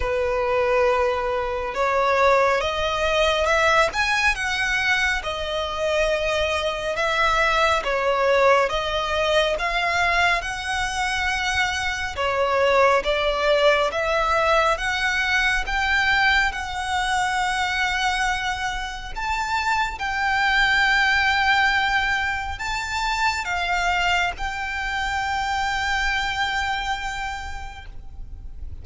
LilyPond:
\new Staff \with { instrumentName = "violin" } { \time 4/4 \tempo 4 = 69 b'2 cis''4 dis''4 | e''8 gis''8 fis''4 dis''2 | e''4 cis''4 dis''4 f''4 | fis''2 cis''4 d''4 |
e''4 fis''4 g''4 fis''4~ | fis''2 a''4 g''4~ | g''2 a''4 f''4 | g''1 | }